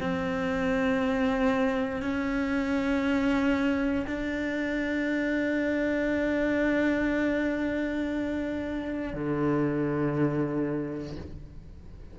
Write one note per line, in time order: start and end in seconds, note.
0.00 2.02 C4
2.02 4.05 C#4
4.07 9.13 D4
9.13 11.17 D3